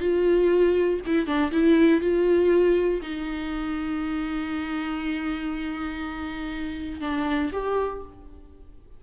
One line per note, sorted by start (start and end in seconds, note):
0.00 1.00 F4
1.06 1.26 E4
1.26 1.51 D4
1.52 2.01 E4
2.01 3.01 F4
3.02 7.01 D#4
7.01 7.51 D4
7.52 8.03 G4